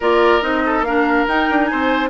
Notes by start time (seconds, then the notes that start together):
0.00 A#3 F4 A#4 D5
0.41 C4 D#4 D#5
0.65 A4
0.80 A#3 A#4 F5
0.87 D4
1.27 D#4 G5
1.50 D4
1.65 C5 G#5
1.71 C4